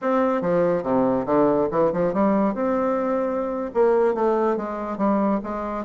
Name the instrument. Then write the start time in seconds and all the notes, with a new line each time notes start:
bassoon
0.01 C4
0.41 F3
0.83 C3
1.26 D3
1.71 E3
1.92 F3
2.13 G3
2.54 C4
3.74 A#3
4.14 A3
4.56 G#3
4.97 G3
5.43 G#3